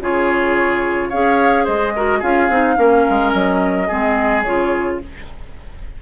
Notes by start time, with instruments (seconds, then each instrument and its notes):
0.00 bassoon C#3, clarinet F4, oboe G#4, flute C#5
1.09 bassoon C#4, clarinet G#4, oboe C#5, flute F5
1.64 bassoon G#3, oboe C5, flute D#5
1.96 clarinet F#4, oboe A#4
2.19 bassoon C#4, clarinet F4, oboe G#4, flute F5
2.49 bassoon C4, clarinet D#4
2.77 bassoon A#3, clarinet C#4, oboe A#4
3.10 bassoon G#3
3.33 bassoon F#3, flute D#5
3.88 bassoon G#3, clarinet C4, oboe G#4
4.42 bassoon C#3, clarinet F4, flute C#5